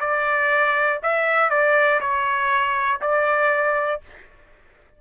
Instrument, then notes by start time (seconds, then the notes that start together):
trumpet
0.00 D5
1.03 E5
1.50 D5
2.00 C#5
3.01 D5